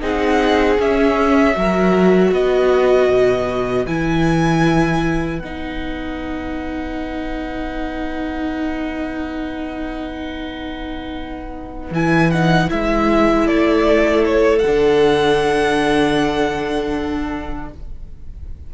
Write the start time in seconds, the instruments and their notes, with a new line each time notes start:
0.00 cello C4, viola D#4, violin G#4 F#5
0.79 viola C#4, cello C#4, violin E5
1.55 cello F#3, viola F#4, violin A#4
2.29 cello B3, violin B4 D#5
3.08 cello B2
3.86 cello E3, viola E4, violin G#5
5.39 cello B3, viola D#4, violin F#5
11.91 cello E3, viola E4, violin G#5
12.30 viola D#4, violin F#5
12.67 cello G#3, viola E4, violin E5
13.46 cello A3, violin A4 D5
14.25 violin C#5
14.58 cello D3, violin F#5
14.66 viola D4